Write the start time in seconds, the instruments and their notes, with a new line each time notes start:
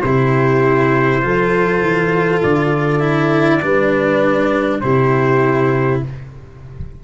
0.00 tuba C3, cello E4, horn G4, trumpet C5
1.22 tuba F3, cello F4, horn A4
1.80 tuba E3
2.42 tuba D3, trumpet D5
2.99 cello E4
3.62 tuba G3, cello D4, horn B4
4.80 tuba C3, cello E4, horn G4, trumpet C5